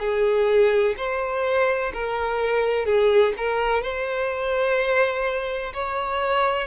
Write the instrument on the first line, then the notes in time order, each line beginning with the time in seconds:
violin
0.00 G#4
0.97 C5
1.94 A#4
2.86 G#4
3.38 A#4
3.83 C5
5.74 C#5